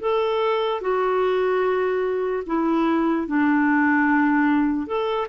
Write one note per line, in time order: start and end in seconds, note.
0.00 0.81 A4
0.81 2.43 F#4
2.47 3.27 E4
3.27 4.87 D4
4.87 5.27 A4